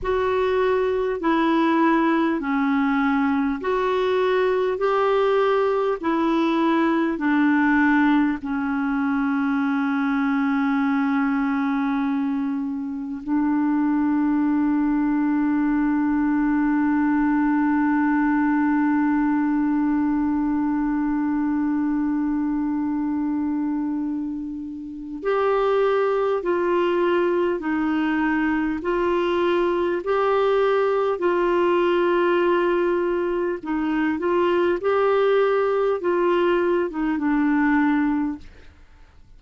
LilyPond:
\new Staff \with { instrumentName = "clarinet" } { \time 4/4 \tempo 4 = 50 fis'4 e'4 cis'4 fis'4 | g'4 e'4 d'4 cis'4~ | cis'2. d'4~ | d'1~ |
d'1~ | d'4 g'4 f'4 dis'4 | f'4 g'4 f'2 | dis'8 f'8 g'4 f'8. dis'16 d'4 | }